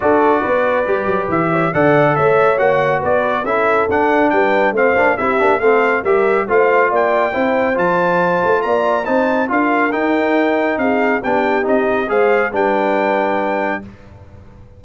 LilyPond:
<<
  \new Staff \with { instrumentName = "trumpet" } { \time 4/4 \tempo 4 = 139 d''2. e''4 | fis''4 e''4 fis''4 d''4 | e''4 fis''4 g''4 f''4 | e''4 f''4 e''4 f''4 |
g''2 a''2 | ais''4 a''4 f''4 g''4~ | g''4 f''4 g''4 dis''4 | f''4 g''2. | }
  \new Staff \with { instrumentName = "horn" } { \time 4/4 a'4 b'2~ b'8 cis''8 | d''4 cis''2 b'4 | a'2 b'4 c''4 | g'4 a'4 ais'4 c''4 |
d''4 c''2. | d''4 c''4 ais'2~ | ais'4 gis'4 g'2 | c''4 b'2. | }
  \new Staff \with { instrumentName = "trombone" } { \time 4/4 fis'2 g'2 | a'2 fis'2 | e'4 d'2 c'8 d'8 | e'8 d'8 c'4 g'4 f'4~ |
f'4 e'4 f'2~ | f'4 dis'4 f'4 dis'4~ | dis'2 d'4 dis'4 | gis'4 d'2. | }
  \new Staff \with { instrumentName = "tuba" } { \time 4/4 d'4 b4 g8 fis8 e4 | d4 a4 ais4 b4 | cis'4 d'4 g4 a8 ais8 | c'8 ais8 a4 g4 a4 |
ais4 c'4 f4. a8 | ais4 c'4 d'4 dis'4~ | dis'4 c'4 b4 c'4 | gis4 g2. | }
>>